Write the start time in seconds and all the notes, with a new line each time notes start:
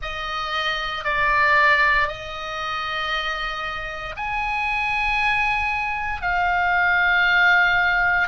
0.01 D#5
1.04 D5
2.08 D#5
4.16 G#5
6.21 F5